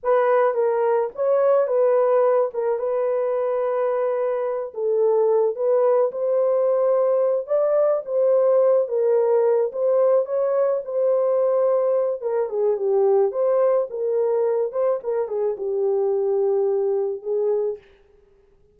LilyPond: \new Staff \with { instrumentName = "horn" } { \time 4/4 \tempo 4 = 108 b'4 ais'4 cis''4 b'4~ | b'8 ais'8 b'2.~ | b'8 a'4. b'4 c''4~ | c''4. d''4 c''4. |
ais'4. c''4 cis''4 c''8~ | c''2 ais'8 gis'8 g'4 | c''4 ais'4. c''8 ais'8 gis'8 | g'2. gis'4 | }